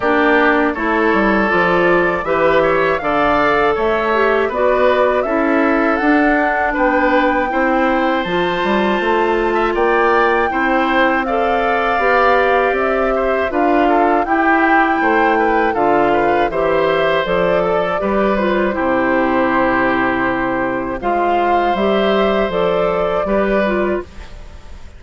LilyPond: <<
  \new Staff \with { instrumentName = "flute" } { \time 4/4 \tempo 4 = 80 d''4 cis''4 d''4 e''4 | f''4 e''4 d''4 e''4 | fis''4 g''2 a''4~ | a''4 g''2 f''4~ |
f''4 e''4 f''4 g''4~ | g''4 f''4 e''4 d''4~ | d''8 c''2.~ c''8 | f''4 e''4 d''2 | }
  \new Staff \with { instrumentName = "oboe" } { \time 4/4 g'4 a'2 b'8 cis''8 | d''4 cis''4 b'4 a'4~ | a'4 b'4 c''2~ | c''8. e''16 d''4 c''4 d''4~ |
d''4. c''8 b'8 a'8 g'4 | c''8 b'8 a'8 b'8 c''4. a'8 | b'4 g'2. | c''2. b'4 | }
  \new Staff \with { instrumentName = "clarinet" } { \time 4/4 d'4 e'4 f'4 g'4 | a'4. g'8 fis'4 e'4 | d'2 e'4 f'4~ | f'2 e'4 a'4 |
g'2 f'4 e'4~ | e'4 f'4 g'4 a'4 | g'8 f'8 e'2. | f'4 g'4 a'4 g'8 f'8 | }
  \new Staff \with { instrumentName = "bassoon" } { \time 4/4 ais4 a8 g8 f4 e4 | d4 a4 b4 cis'4 | d'4 b4 c'4 f8 g8 | a4 ais4 c'2 |
b4 c'4 d'4 e'4 | a4 d4 e4 f4 | g4 c2. | gis4 g4 f4 g4 | }
>>